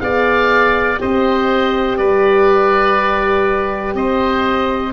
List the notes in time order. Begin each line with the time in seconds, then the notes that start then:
0.00 B3 G#4 D5 F5
0.97 C4 G4 C5 D#5
1.97 G3 B4 D5
3.94 C4 C5 D#5